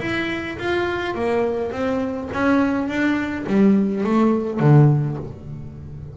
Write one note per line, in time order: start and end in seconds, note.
0.00 0.57 E4
0.58 1.15 F4
1.15 1.72 A#3
1.72 2.29 C4
2.33 2.88 C#4
2.88 3.45 D4
3.46 4.04 G3
4.04 4.60 A3
4.60 5.17 D3